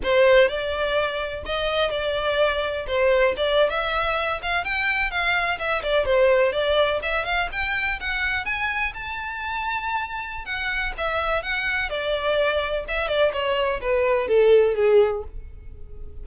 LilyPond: \new Staff \with { instrumentName = "violin" } { \time 4/4 \tempo 4 = 126 c''4 d''2 dis''4 | d''2 c''4 d''8. e''16~ | e''4~ e''16 f''8 g''4 f''4 e''16~ | e''16 d''8 c''4 d''4 e''8 f''8 g''16~ |
g''8. fis''4 gis''4 a''4~ a''16~ | a''2 fis''4 e''4 | fis''4 d''2 e''8 d''8 | cis''4 b'4 a'4 gis'4 | }